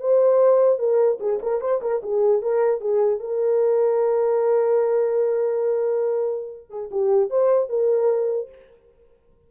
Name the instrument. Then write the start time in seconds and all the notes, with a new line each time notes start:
horn
0.00 C5
0.79 A#4
1.20 G#4
1.42 A#4
1.61 C5
1.81 A#4
2.03 G#4
2.42 A#4
2.81 G#4
3.19 A#4
6.69 G#4
6.91 G4
7.30 C5
7.69 A#4